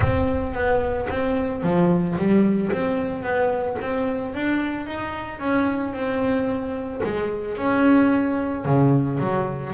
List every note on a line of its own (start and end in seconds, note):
0.00 0.53 C4
0.53 1.07 B3
1.09 1.62 C4
1.62 2.16 F3
2.18 2.72 G3
2.72 3.23 C4
3.23 3.77 B3
3.81 4.34 C4
4.34 4.86 D4
4.86 5.39 D#4
5.39 5.93 C#4
5.93 7.01 C4
7.03 7.57 G#3
7.57 8.65 C#4
8.65 9.19 C#3
9.19 9.73 F#3